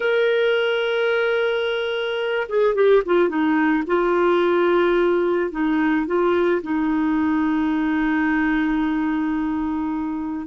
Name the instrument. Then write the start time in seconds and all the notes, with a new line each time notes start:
clarinet
0.00 A#4
2.48 G#4
2.74 G4
3.05 F4
3.28 D#4
3.86 F4
5.51 D#4
6.06 F4
6.62 D#4